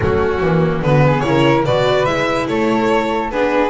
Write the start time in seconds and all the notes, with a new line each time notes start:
0.00 F#3 A3 C#4 F#4
0.41 E3 A#3
0.82 D3 B3 F#4 B4
1.06 G#4
1.20 C#3 E4 C#5
1.27 A#4
1.65 B2 F#4 B4 D5
2.05 G#3 E4 E5
2.47 A3 A4 C#5
3.30 B3 D4 G#4 B4